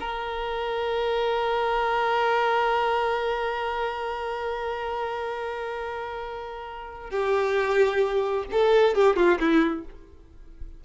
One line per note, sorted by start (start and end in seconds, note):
0.00 7.10 A#4
7.10 8.45 G4
8.51 8.95 A4
8.95 9.16 G4
9.16 9.38 F4
9.40 9.84 E4